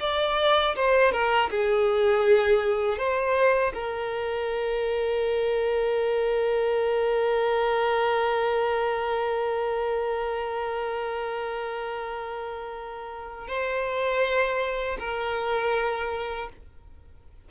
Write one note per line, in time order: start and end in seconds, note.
0.00 0.75 D5
0.75 1.12 C5
1.12 1.50 A#4
1.50 2.98 G#4
2.98 3.73 C5
3.74 13.48 A#4
13.48 14.98 C5
14.99 16.49 A#4